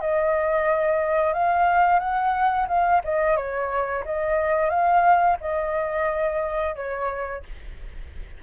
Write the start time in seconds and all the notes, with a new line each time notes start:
0.00 D#5
1.33 F5
1.99 F#5
2.68 F5
3.04 D#5
3.36 C#5
4.05 D#5
4.69 F5
5.40 D#5
6.75 C#5